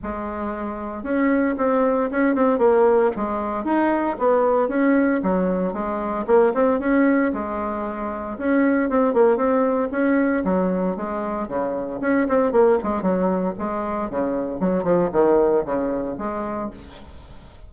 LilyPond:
\new Staff \with { instrumentName = "bassoon" } { \time 4/4 \tempo 4 = 115 gis2 cis'4 c'4 | cis'8 c'8 ais4 gis4 dis'4 | b4 cis'4 fis4 gis4 | ais8 c'8 cis'4 gis2 |
cis'4 c'8 ais8 c'4 cis'4 | fis4 gis4 cis4 cis'8 c'8 | ais8 gis8 fis4 gis4 cis4 | fis8 f8 dis4 cis4 gis4 | }